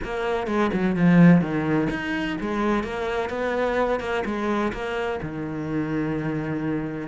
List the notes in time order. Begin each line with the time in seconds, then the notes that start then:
0.04 A#3
0.47 G#3
0.73 F#3
0.96 F3
1.41 D#3
1.90 D#4
2.40 G#3
2.83 A#3
3.29 B3
4.00 A#3
4.25 G#3
4.72 A#3
5.22 D#3